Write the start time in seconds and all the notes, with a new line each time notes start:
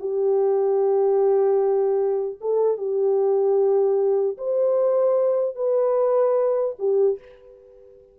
0.00 G4
2.41 A4
2.77 G4
4.38 C5
5.56 B4
6.79 G4